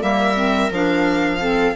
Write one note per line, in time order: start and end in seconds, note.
0.00 0.71 G3
0.00 0.35 A#3
0.00 1.40 A#4
0.00 0.72 E5
0.35 0.70 C4
0.71 1.75 F3
0.71 1.40 D4
0.71 1.76 F5
1.40 1.75 C4
1.40 1.75 A4